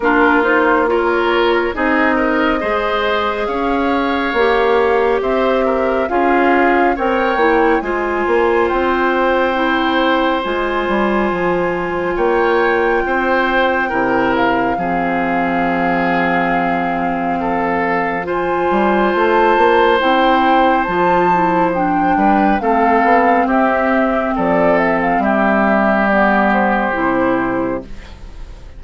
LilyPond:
<<
  \new Staff \with { instrumentName = "flute" } { \time 4/4 \tempo 4 = 69 ais'8 c''8 cis''4 dis''2 | f''2 e''4 f''4 | g''4 gis''4 g''2 | gis''2 g''2~ |
g''8 f''2.~ f''8~ | f''4 gis''4 a''4 g''4 | a''4 g''4 f''4 e''4 | d''8 e''16 f''16 e''4 d''8 c''4. | }
  \new Staff \with { instrumentName = "oboe" } { \time 4/4 f'4 ais'4 gis'8 ais'8 c''4 | cis''2 c''8 ais'8 gis'4 | cis''4 c''2.~ | c''2 cis''4 c''4 |
ais'4 gis'2. | a'4 c''2.~ | c''4. b'8 a'4 g'4 | a'4 g'2. | }
  \new Staff \with { instrumentName = "clarinet" } { \time 4/4 d'8 dis'8 f'4 dis'4 gis'4~ | gis'4 g'2 f'4 | ais'8 e'8 f'2 e'4 | f'1 |
e'4 c'2.~ | c'4 f'2 e'4 | f'8 e'8 d'4 c'2~ | c'2 b4 e'4 | }
  \new Staff \with { instrumentName = "bassoon" } { \time 4/4 ais2 c'4 gis4 | cis'4 ais4 c'4 cis'4 | c'8 ais8 gis8 ais8 c'2 | gis8 g8 f4 ais4 c'4 |
c4 f2.~ | f4. g8 a8 ais8 c'4 | f4. g8 a8 b8 c'4 | f4 g2 c4 | }
>>